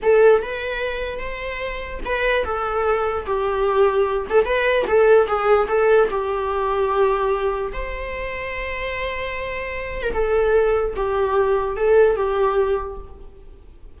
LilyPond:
\new Staff \with { instrumentName = "viola" } { \time 4/4 \tempo 4 = 148 a'4 b'2 c''4~ | c''4 b'4 a'2 | g'2~ g'8 a'8 b'4 | a'4 gis'4 a'4 g'4~ |
g'2. c''4~ | c''1~ | c''8. ais'16 a'2 g'4~ | g'4 a'4 g'2 | }